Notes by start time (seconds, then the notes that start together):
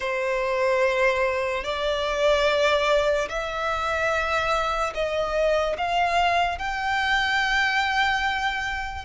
0.00 C5
1.64 D5
3.28 E5
4.94 D#5
5.77 F5
6.58 G5